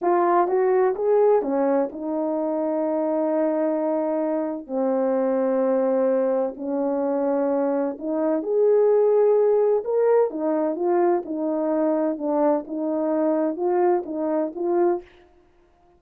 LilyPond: \new Staff \with { instrumentName = "horn" } { \time 4/4 \tempo 4 = 128 f'4 fis'4 gis'4 cis'4 | dis'1~ | dis'2 c'2~ | c'2 cis'2~ |
cis'4 dis'4 gis'2~ | gis'4 ais'4 dis'4 f'4 | dis'2 d'4 dis'4~ | dis'4 f'4 dis'4 f'4 | }